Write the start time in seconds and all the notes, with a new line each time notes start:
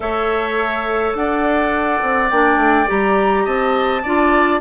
0.00 A3 A4 C#5 E5
1.14 D4 D5 F#5
2.02 C4
2.30 A#3 D4 G5
2.56 A3
2.86 G3 G4 A#5
3.44 C4 D#5 A5
4.03 D4 F4 D5